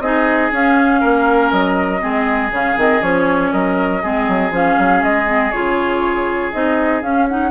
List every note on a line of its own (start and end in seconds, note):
0.00 0.50 C4
0.00 0.52 D#4
0.00 1.01 G#4
0.00 0.51 D#5
0.52 1.02 C#4
0.52 2.00 C#4
0.52 1.51 F5
1.01 1.52 A#3
1.01 2.01 A#4
1.51 2.02 F#3
1.51 2.51 D#5
2.00 2.51 G#3
2.00 2.50 C4
2.00 3.52 G#4
2.51 2.76 C#3
2.51 2.76 C#4
2.51 2.80 F5
2.77 3.02 D#3
2.77 3.01 C4
2.77 3.03 D#5
3.01 3.52 F3
3.01 4.01 C#4
3.01 3.52 C#5
3.52 4.03 F#3
3.52 4.03 A#4
3.52 4.52 D#5
4.03 4.28 G#3
4.03 4.52 C4
4.03 7.51 G#4
4.28 4.51 F#3
4.51 4.76 F3
4.51 5.26 C#4
4.51 5.03 F5
4.78 5.03 F#3
5.03 5.53 G#3
5.03 5.51 D#5
5.26 5.51 C4
5.51 6.54 C#3
5.51 6.53 F4
5.51 6.51 C#5
6.52 7.02 C4
6.52 7.03 D#4
6.52 7.02 D#5
7.02 7.51 C#4
7.02 7.28 C#4
7.02 7.28 F5
7.29 7.51 D#4
7.29 7.51 F#5